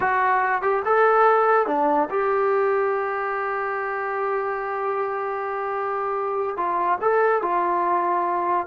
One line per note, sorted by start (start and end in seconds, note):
0.00 0.62 F#4
0.62 0.82 G4
0.85 1.67 A4
1.67 2.08 D4
2.10 6.56 G4
6.56 6.98 F4
7.01 7.41 A4
7.41 8.66 F4